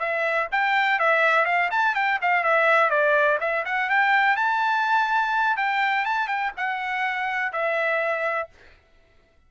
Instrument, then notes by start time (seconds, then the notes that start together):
trumpet
0.00 E5
0.52 G5
0.99 E5
1.46 F5
1.71 A5
1.95 G5
2.22 F5
2.44 E5
2.91 D5
3.41 E5
3.66 F#5
3.90 G5
4.37 A5
5.57 G5
6.05 A5
6.28 G5
6.57 F#5
7.53 E5